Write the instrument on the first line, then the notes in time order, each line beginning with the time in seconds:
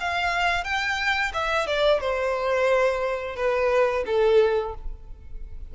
violin
0.00 F5
0.64 G5
1.33 E5
1.67 D5
2.00 C5
3.36 B4
4.06 A4